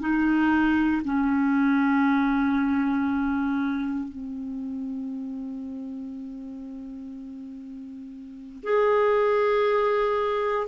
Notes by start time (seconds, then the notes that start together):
0.00 D#4
1.04 C#4
4.08 C4
8.63 G#4